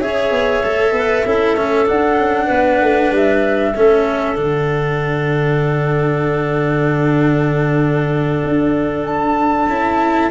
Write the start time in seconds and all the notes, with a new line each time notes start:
0.00 C#4 G#4 C#5 E5
0.32 B3
0.64 A3 A4
0.92 B3 B4
1.26 C#4 E4 A4
1.55 A3 C#4
1.87 D4 F#5
2.19 C#4
2.46 B3 B4
2.82 A3
3.12 G3 E5
3.76 A3 C#4 A4
4.37 D3 D4 F#5
8.45 D4
9.06 A5
9.69 C#4 E4